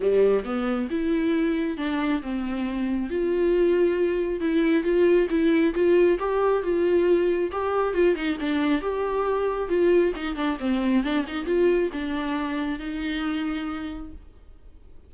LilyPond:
\new Staff \with { instrumentName = "viola" } { \time 4/4 \tempo 4 = 136 g4 b4 e'2 | d'4 c'2 f'4~ | f'2 e'4 f'4 | e'4 f'4 g'4 f'4~ |
f'4 g'4 f'8 dis'8 d'4 | g'2 f'4 dis'8 d'8 | c'4 d'8 dis'8 f'4 d'4~ | d'4 dis'2. | }